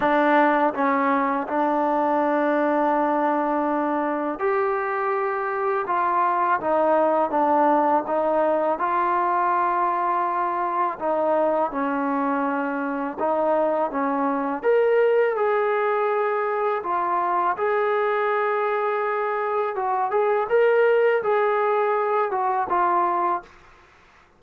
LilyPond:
\new Staff \with { instrumentName = "trombone" } { \time 4/4 \tempo 4 = 82 d'4 cis'4 d'2~ | d'2 g'2 | f'4 dis'4 d'4 dis'4 | f'2. dis'4 |
cis'2 dis'4 cis'4 | ais'4 gis'2 f'4 | gis'2. fis'8 gis'8 | ais'4 gis'4. fis'8 f'4 | }